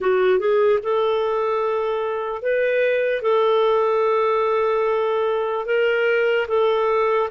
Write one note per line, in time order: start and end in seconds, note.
0.00 0.39 F#4
0.39 0.79 G#4
0.83 2.41 A4
2.41 3.22 B4
3.22 5.65 A4
5.65 6.46 A#4
6.48 7.29 A4